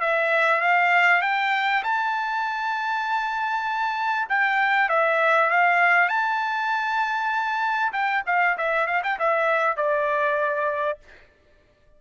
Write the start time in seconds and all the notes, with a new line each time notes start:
0.00 E5
0.61 F5
1.22 G5
1.83 A5
4.29 G5
4.89 E5
5.50 F5
6.08 A5
7.92 G5
8.26 F5
8.57 E5
8.87 F5
9.03 G5
9.19 E5
9.77 D5